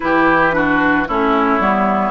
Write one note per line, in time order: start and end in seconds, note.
0.00 1.08 E3
0.00 0.52 E4
0.00 0.55 G4
0.00 1.07 B4
0.52 1.06 D4
0.52 1.08 F#4
1.08 1.59 A3
1.08 1.60 C#4
1.08 2.10 E4
1.08 2.10 C#5
1.59 2.10 G3
1.59 2.10 B3